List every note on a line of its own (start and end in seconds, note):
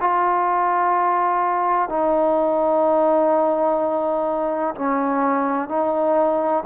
0.00 1.89 F4
1.89 4.74 D#4
4.75 5.68 C#4
5.68 6.64 D#4